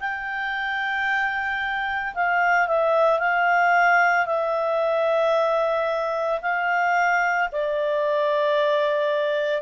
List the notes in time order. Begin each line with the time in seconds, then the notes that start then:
0.00 G5
2.15 F5
2.68 E5
3.19 F5
4.27 E5
6.42 F5
7.52 D5